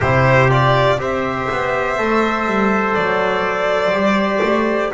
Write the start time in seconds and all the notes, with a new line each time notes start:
0.00 C3 E4 G4 C5
0.49 F4 D5
0.98 C4 G4 C5 E5
1.50 B3
1.97 A3 A4
2.46 G3
2.94 F#3 D5
3.91 G3 G4
4.42 A3